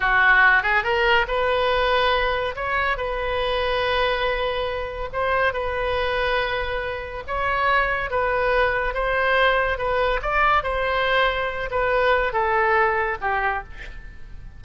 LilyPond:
\new Staff \with { instrumentName = "oboe" } { \time 4/4 \tempo 4 = 141 fis'4. gis'8 ais'4 b'4~ | b'2 cis''4 b'4~ | b'1 | c''4 b'2.~ |
b'4 cis''2 b'4~ | b'4 c''2 b'4 | d''4 c''2~ c''8 b'8~ | b'4 a'2 g'4 | }